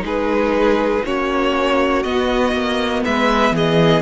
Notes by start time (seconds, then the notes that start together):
0.00 G#3 D#4 G#4 B4
1.05 A#3 C#4 F#4 C#5
2.02 B3 D#5
2.52 A#3
3.04 G#3 B4 E5
3.51 E3 G#4 D#5